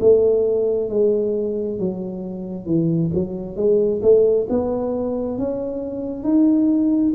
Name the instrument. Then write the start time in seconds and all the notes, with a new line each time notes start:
tuba
0.00 A3
0.89 G#3
1.79 F#3
2.66 E3
3.14 F#3
3.56 G#3
4.02 A3
4.49 B3
5.38 C#4
6.23 D#4